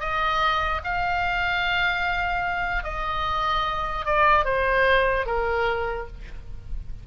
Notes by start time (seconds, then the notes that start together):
0.00 D#5
0.84 F5
2.84 D#5
4.06 D5
4.45 C5
5.26 A#4